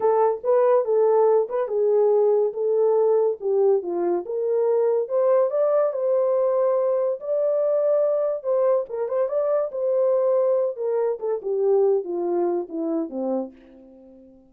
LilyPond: \new Staff \with { instrumentName = "horn" } { \time 4/4 \tempo 4 = 142 a'4 b'4 a'4. b'8 | gis'2 a'2 | g'4 f'4 ais'2 | c''4 d''4 c''2~ |
c''4 d''2. | c''4 ais'8 c''8 d''4 c''4~ | c''4. ais'4 a'8 g'4~ | g'8 f'4. e'4 c'4 | }